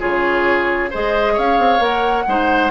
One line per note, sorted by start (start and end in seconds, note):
0.00 0.93 C#3
0.00 0.90 F4
0.00 0.91 G#4
0.00 0.91 C#5
0.91 1.38 G#3
0.91 1.80 G#4
0.91 1.34 C5
0.91 1.38 D#5
1.34 1.59 C#4
1.34 2.24 C#5
1.34 1.83 F5
1.59 1.80 C4
1.80 2.25 A#3
1.80 2.25 A#4
1.80 2.71 F#5
2.28 2.71 G#3
2.28 2.71 D#4
2.28 2.71 C5